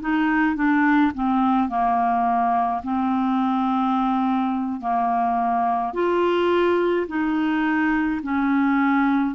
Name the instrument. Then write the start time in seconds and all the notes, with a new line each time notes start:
clarinet
0.00 D#4
0.55 D4
1.14 C4
1.69 A#3
2.83 C4
4.80 A#3
5.93 F4
7.07 D#4
8.23 C#4